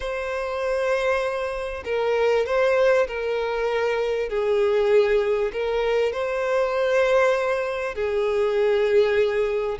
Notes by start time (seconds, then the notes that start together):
0.00 C5
1.84 A#4
2.46 C5
3.08 A#4
4.29 G#4
5.52 A#4
6.12 C5
7.94 G#4